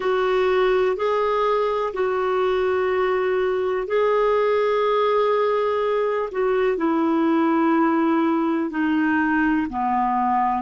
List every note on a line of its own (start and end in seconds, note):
0.00 0.96 F#4
0.96 1.93 G#4
1.94 3.87 F#4
3.87 6.29 G#4
6.31 6.77 F#4
6.77 8.70 E4
8.70 9.67 D#4
9.69 10.62 B3